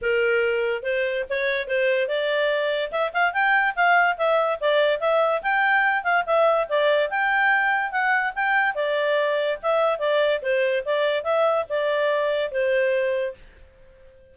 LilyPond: \new Staff \with { instrumentName = "clarinet" } { \time 4/4 \tempo 4 = 144 ais'2 c''4 cis''4 | c''4 d''2 e''8 f''8 | g''4 f''4 e''4 d''4 | e''4 g''4. f''8 e''4 |
d''4 g''2 fis''4 | g''4 d''2 e''4 | d''4 c''4 d''4 e''4 | d''2 c''2 | }